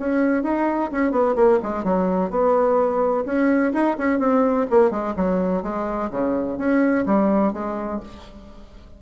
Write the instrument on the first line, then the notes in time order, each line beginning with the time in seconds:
bassoon
0.00 C#4
0.43 D#4
0.92 C#4
1.12 B3
1.36 A#3
1.63 G#3
1.84 F#3
2.31 B3
3.26 C#4
3.74 D#4
3.98 C#4
4.20 C4
4.71 A#3
4.91 G#3
5.16 F#3
5.63 G#3
6.11 C#3
6.58 C#4
7.06 G3
7.53 G#3